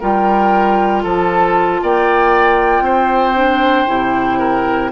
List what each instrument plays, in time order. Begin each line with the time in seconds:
0.00 bassoon G3, clarinet F4, oboe A#4, flute G5
1.03 bassoon F3, oboe A4, flute A5
1.83 bassoon A#3, oboe D5, flute G5
2.81 bassoon C4, oboe C5
3.36 clarinet D4
3.87 bassoon C3, clarinet E4
4.39 oboe A#4